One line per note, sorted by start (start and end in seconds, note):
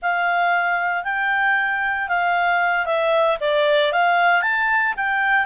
0.02 1.04 F5
1.04 2.08 G5
2.08 2.85 F5
2.85 3.37 E5
3.40 3.92 D5
3.92 4.42 F5
4.42 4.94 A5
4.96 5.45 G5